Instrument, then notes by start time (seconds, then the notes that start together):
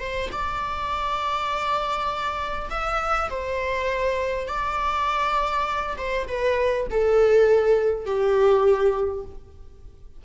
viola
0.00 C5
0.32 D5
2.70 E5
3.30 C5
4.48 D5
5.98 C5
6.28 B4
6.90 A4
8.05 G4